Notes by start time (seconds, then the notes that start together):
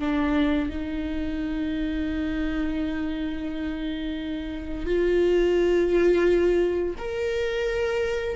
0.00 D4
0.70 D#4
4.86 F4
6.99 A#4